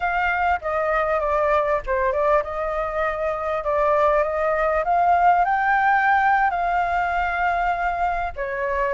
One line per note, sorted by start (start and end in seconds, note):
0.00 0.60 F5
0.61 1.20 D#5
1.20 1.80 D5
1.86 2.12 C5
2.12 2.42 D5
2.43 3.64 D#5
3.64 4.23 D5
4.23 4.83 D#5
4.84 5.44 F5
5.44 6.50 G5
6.50 8.32 F5
8.36 8.93 C#5